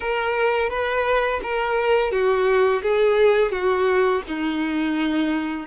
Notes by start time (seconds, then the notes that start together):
0.00 A#4
0.69 B4
1.42 A#4
2.11 F#4
2.82 G#4
3.51 F#4
4.27 D#4